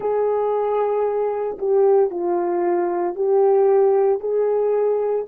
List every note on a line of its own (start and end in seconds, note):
0.00 1.58 G#4
1.58 2.10 G4
2.10 3.15 F4
3.15 4.20 G4
4.20 5.25 G#4